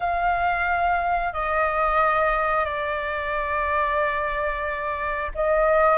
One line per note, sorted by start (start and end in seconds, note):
0.00 1.33 F5
1.33 2.65 D#5
2.65 5.31 D5
5.35 5.98 D#5